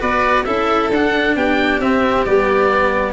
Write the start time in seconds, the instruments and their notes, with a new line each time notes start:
0.00 tuba B3, cello F#4, violin B4, oboe D5
0.45 tuba C#4, cello E4, violin A4, oboe E5
0.91 tuba D4, cello D4, oboe F#5
1.36 tuba B3, violin G4, oboe G5
1.80 tuba C4, cello C4, oboe E5
2.26 tuba G3, cello B3, oboe D5